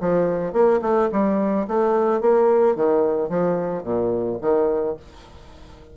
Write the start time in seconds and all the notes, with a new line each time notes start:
0.00 F3
0.53 A#3
0.82 A3
1.12 G3
1.67 A3
2.20 A#3
2.75 D#3
3.29 F3
3.83 A#2
4.41 D#3